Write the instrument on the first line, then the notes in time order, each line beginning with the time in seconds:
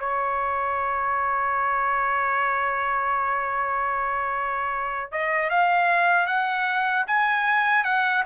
trumpet
0.00 C#5
5.12 D#5
5.50 F5
6.27 F#5
7.07 G#5
7.84 F#5